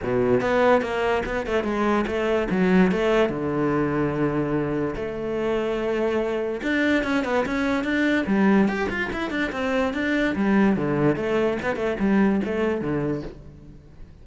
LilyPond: \new Staff \with { instrumentName = "cello" } { \time 4/4 \tempo 4 = 145 b,4 b4 ais4 b8 a8 | gis4 a4 fis4 a4 | d1 | a1 |
d'4 cis'8 b8 cis'4 d'4 | g4 g'8 f'8 e'8 d'8 c'4 | d'4 g4 d4 a4 | b8 a8 g4 a4 d4 | }